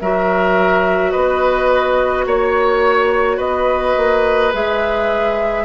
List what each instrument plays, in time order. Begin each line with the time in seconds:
0.00 bassoon F#3, clarinet F#4, oboe A#4, flute E5
1.11 bassoon B3, oboe B4, flute D#5
2.26 bassoon A#3, oboe C#5, flute C#5
3.36 bassoon B3, oboe B4, flute D#5
3.96 bassoon A#3
4.52 bassoon G#3, clarinet G#4, flute E5